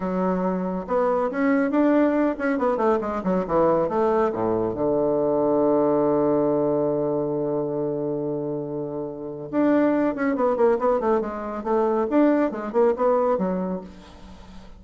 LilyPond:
\new Staff \with { instrumentName = "bassoon" } { \time 4/4 \tempo 4 = 139 fis2 b4 cis'4 | d'4. cis'8 b8 a8 gis8 fis8 | e4 a4 a,4 d4~ | d1~ |
d1~ | d2 d'4. cis'8 | b8 ais8 b8 a8 gis4 a4 | d'4 gis8 ais8 b4 fis4 | }